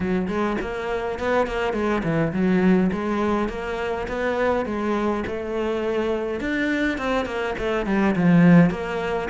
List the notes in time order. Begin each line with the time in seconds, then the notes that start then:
0.00 F#3
0.28 G#3
0.61 A#3
1.19 B3
1.46 A#3
1.73 G#3
2.03 E3
2.32 F#3
2.92 G#3
3.48 A#3
4.08 B3
4.65 G#3
5.26 A3
6.40 D4
6.97 C4
7.25 A#3
7.58 A3
7.86 G3
8.15 F3
8.70 A#3